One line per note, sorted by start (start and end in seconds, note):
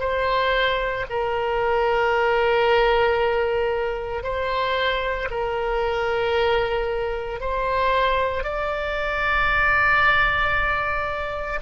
0.00 1.05 C5
1.10 4.23 A#4
4.23 5.29 C5
5.31 7.41 A#4
7.41 8.44 C5
8.44 11.60 D5